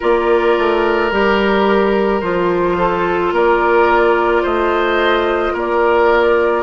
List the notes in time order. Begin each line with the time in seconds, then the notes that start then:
0.00 A#3 F4 A#4 D5
0.58 A3
1.11 G3 G4 A#4
2.21 F3 F4 C5
2.78 A4
3.31 A#3 A#4 D5
4.43 A3 C5 D#5
5.53 A#3 A#4 D5